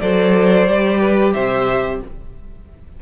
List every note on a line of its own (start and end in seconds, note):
0.00 0.67 F#3
0.00 0.68 A4
0.00 1.00 C5
0.00 1.33 D5
0.67 1.34 G3
0.67 2.02 G4
1.00 1.33 B4
1.33 2.02 C3
1.33 2.00 C5
1.33 1.99 E5